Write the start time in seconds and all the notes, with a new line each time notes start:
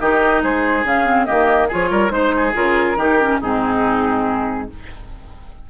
0.00 D#3 D#4 G4 D#5
0.43 G#3 G#4 C5
0.84 C#3 C#4 F5
1.05 C4
1.25 D#3 A#3 G4 D#5
1.68 F3 F4 G#4 C#5
1.91 G3 A#4
2.10 G#3 D#4 C5
2.36 G#4
2.54 C#3 F4 A#4
2.96 D#3 D#4 G4
3.21 C#4
3.41 G#2 C4 D#4 G#4